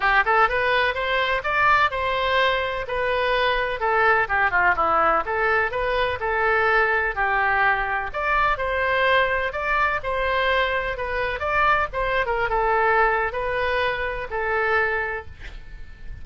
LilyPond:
\new Staff \with { instrumentName = "oboe" } { \time 4/4 \tempo 4 = 126 g'8 a'8 b'4 c''4 d''4 | c''2 b'2 | a'4 g'8 f'8 e'4 a'4 | b'4 a'2 g'4~ |
g'4 d''4 c''2 | d''4 c''2 b'4 | d''4 c''8. ais'8 a'4.~ a'16 | b'2 a'2 | }